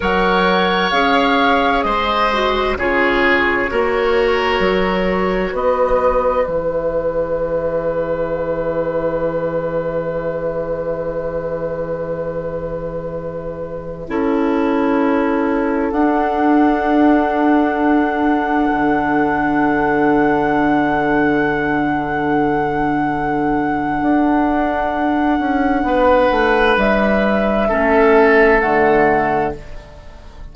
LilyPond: <<
  \new Staff \with { instrumentName = "flute" } { \time 4/4 \tempo 4 = 65 fis''4 f''4 dis''4 cis''4~ | cis''2 dis''4 e''4~ | e''1~ | e''1~ |
e''4~ e''16 fis''2~ fis''8.~ | fis''1~ | fis''1~ | fis''4 e''2 fis''4 | }
  \new Staff \with { instrumentName = "oboe" } { \time 4/4 cis''2 c''4 gis'4 | ais'2 b'2~ | b'1~ | b'2.~ b'16 a'8.~ |
a'1~ | a'1~ | a'1 | b'2 a'2 | }
  \new Staff \with { instrumentName = "clarinet" } { \time 4/4 ais'4 gis'4. fis'8 f'4 | fis'2. gis'4~ | gis'1~ | gis'2.~ gis'16 e'8.~ |
e'4~ e'16 d'2~ d'8.~ | d'1~ | d'1~ | d'2 cis'4 a4 | }
  \new Staff \with { instrumentName = "bassoon" } { \time 4/4 fis4 cis'4 gis4 cis4 | ais4 fis4 b4 e4~ | e1~ | e2.~ e16 cis'8.~ |
cis'4~ cis'16 d'2~ d'8.~ | d'16 d2.~ d8.~ | d2 d'4. cis'8 | b8 a8 g4 a4 d4 | }
>>